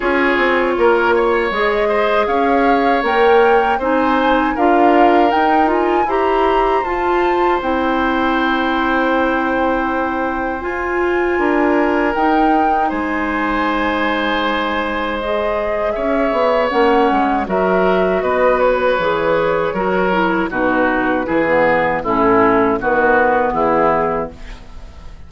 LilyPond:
<<
  \new Staff \with { instrumentName = "flute" } { \time 4/4 \tempo 4 = 79 cis''2 dis''4 f''4 | g''4 gis''4 f''4 g''8 gis''8 | ais''4 a''4 g''2~ | g''2 gis''2 |
g''4 gis''2. | dis''4 e''4 fis''4 e''4 | dis''8 cis''2~ cis''8 b'4~ | b'4 a'4 b'4 gis'4 | }
  \new Staff \with { instrumentName = "oboe" } { \time 4/4 gis'4 ais'8 cis''4 c''8 cis''4~ | cis''4 c''4 ais'2 | c''1~ | c''2. ais'4~ |
ais'4 c''2.~ | c''4 cis''2 ais'4 | b'2 ais'4 fis'4 | gis'4 e'4 fis'4 e'4 | }
  \new Staff \with { instrumentName = "clarinet" } { \time 4/4 f'2 gis'2 | ais'4 dis'4 f'4 dis'8 f'8 | g'4 f'4 e'2~ | e'2 f'2 |
dis'1 | gis'2 cis'4 fis'4~ | fis'4 gis'4 fis'8 e'8 dis'4 | e'16 b8. cis'4 b2 | }
  \new Staff \with { instrumentName = "bassoon" } { \time 4/4 cis'8 c'8 ais4 gis4 cis'4 | ais4 c'4 d'4 dis'4 | e'4 f'4 c'2~ | c'2 f'4 d'4 |
dis'4 gis2.~ | gis4 cis'8 b8 ais8 gis8 fis4 | b4 e4 fis4 b,4 | e4 a,4 dis4 e4 | }
>>